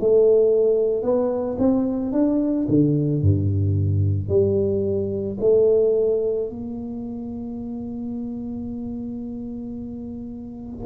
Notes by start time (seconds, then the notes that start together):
0.00 A3
1.03 B3
1.59 C4
2.12 D4
2.68 D3
3.22 G2
4.28 G3
5.40 A3
6.50 A#3